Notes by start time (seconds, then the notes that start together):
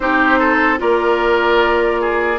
0.00 C4 D#4 G4 C5
0.39 A4
0.77 A#3 F4 A#4 D5
2.00 G#4